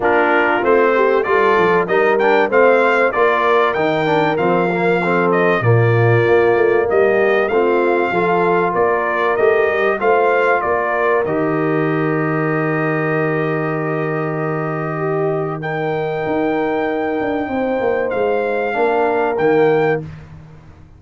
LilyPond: <<
  \new Staff \with { instrumentName = "trumpet" } { \time 4/4 \tempo 4 = 96 ais'4 c''4 d''4 dis''8 g''8 | f''4 d''4 g''4 f''4~ | f''8 dis''8 d''2 dis''4 | f''2 d''4 dis''4 |
f''4 d''4 dis''2~ | dis''1~ | dis''4 g''2.~ | g''4 f''2 g''4 | }
  \new Staff \with { instrumentName = "horn" } { \time 4/4 f'4. g'8 a'4 ais'4 | c''4 ais'2. | a'4 f'2 g'4 | f'4 a'4 ais'2 |
c''4 ais'2.~ | ais'1 | g'4 ais'2. | c''2 ais'2 | }
  \new Staff \with { instrumentName = "trombone" } { \time 4/4 d'4 c'4 f'4 dis'8 d'8 | c'4 f'4 dis'8 d'8 c'8 ais8 | c'4 ais2. | c'4 f'2 g'4 |
f'2 g'2~ | g'1~ | g'4 dis'2.~ | dis'2 d'4 ais4 | }
  \new Staff \with { instrumentName = "tuba" } { \time 4/4 ais4 a4 g8 f8 g4 | a4 ais4 dis4 f4~ | f4 ais,4 ais8 a8 g4 | a4 f4 ais4 a8 g8 |
a4 ais4 dis2~ | dis1~ | dis2 dis'4. d'8 | c'8 ais8 gis4 ais4 dis4 | }
>>